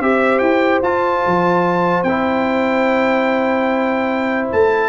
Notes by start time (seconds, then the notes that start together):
0.00 C4 G4 C5 E5
0.39 E4 G5
0.82 F4 A5
1.26 F3
2.03 C4 E4 G5
4.52 A3 A5